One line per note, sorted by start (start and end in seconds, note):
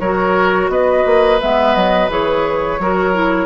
0.00 0.69 F#3
0.00 1.41 F#4
0.00 0.71 A#4
0.00 0.70 C#5
0.69 1.04 B3
0.69 2.82 B4
0.69 1.41 D#5
1.06 1.40 A#3
1.41 1.76 G#3
1.41 2.09 B3
1.41 1.75 E5
1.75 2.09 F#3
1.75 2.10 D#5
2.09 2.79 E3
2.09 2.79 G#4
2.09 3.46 C#5
2.79 3.46 F#3
2.79 3.14 F#4
2.79 3.46 A#4
3.14 3.46 E4